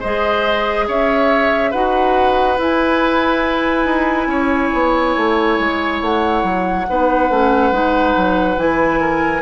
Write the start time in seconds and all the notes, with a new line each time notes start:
0.00 G#3 G#4 C5 D#5
0.88 C#4 C#5 E5
1.71 D#4 F#4 B4 F#5
2.58 E4 G#5
3.86 D#4
4.27 C#4 C#5
4.73 B3
5.17 A3
5.59 G#3
6.02 A3 F#5
6.43 F#3
6.88 B3 D#4 B4
7.30 A3 C#4
7.72 G#3 D#4
8.17 F#3
8.57 E3 E4 G#5
9.01 A#4